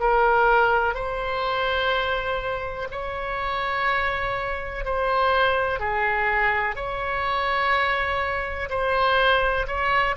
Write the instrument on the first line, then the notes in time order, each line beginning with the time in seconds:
oboe
0.00 A#4
0.94 C5
2.91 C#5
4.85 C5
5.79 G#4
6.75 C#5
8.70 C5
9.67 C#5